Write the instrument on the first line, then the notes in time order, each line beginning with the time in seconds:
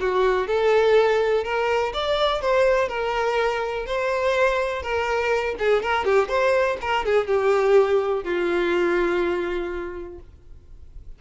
violin
0.00 F#4
0.47 A4
1.44 A#4
1.93 D5
2.41 C5
2.88 A#4
3.86 C5
4.82 A#4
5.59 G#4
5.82 A#4
6.05 G4
6.28 C5
6.81 A#4
7.05 G#4
7.27 G4
8.23 F4